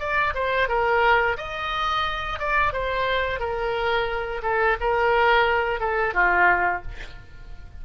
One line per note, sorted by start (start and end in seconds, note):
0.00 0.34 D5
0.35 0.69 C5
0.69 1.37 A#4
1.38 2.40 D#5
2.40 2.73 D5
2.73 3.40 C5
3.40 4.42 A#4
4.43 4.77 A4
4.81 5.80 A#4
5.80 6.15 A4
6.15 6.83 F4